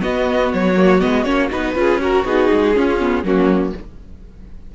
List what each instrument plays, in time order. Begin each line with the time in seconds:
0.00 viola B3, cello B3, violin F#4 D#5
0.53 cello F#3, violin C#5
0.76 viola A#3
1.00 cello G#3, viola B3, violin D#5
1.23 cello A#3, viola C#4, violin C#5
1.50 cello B3, viola D#4, violin B4
1.75 cello C#4, viola F4, violin G#4
2.01 violin F#4 A#4, viola F#4
2.24 cello B3, viola D#4, violin G#4
2.52 cello G#3
2.74 viola C#4, cello C#4, violin F4
2.99 viola B3
3.23 cello F#3, viola A#3, violin C#4 F#4